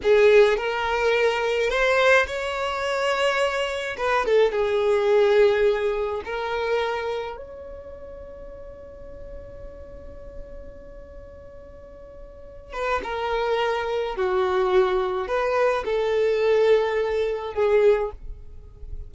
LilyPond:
\new Staff \with { instrumentName = "violin" } { \time 4/4 \tempo 4 = 106 gis'4 ais'2 c''4 | cis''2. b'8 a'8 | gis'2. ais'4~ | ais'4 cis''2.~ |
cis''1~ | cis''2~ cis''8 b'8 ais'4~ | ais'4 fis'2 b'4 | a'2. gis'4 | }